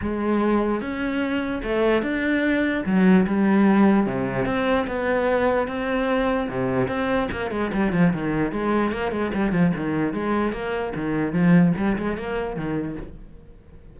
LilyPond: \new Staff \with { instrumentName = "cello" } { \time 4/4 \tempo 4 = 148 gis2 cis'2 | a4 d'2 fis4 | g2 c4 c'4 | b2 c'2 |
c4 c'4 ais8 gis8 g8 f8 | dis4 gis4 ais8 gis8 g8 f8 | dis4 gis4 ais4 dis4 | f4 g8 gis8 ais4 dis4 | }